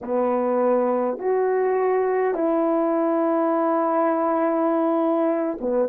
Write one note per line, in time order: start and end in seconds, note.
0.01 1.18 B3
1.18 2.34 F#4
2.34 5.57 E4
5.60 5.88 B3